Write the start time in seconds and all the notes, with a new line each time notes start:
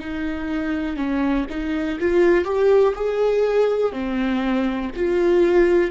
0.00 D#4
0.97 C#4
1.50 D#4
2.00 F4
2.45 G4
2.96 G#4
3.93 C4
4.96 F4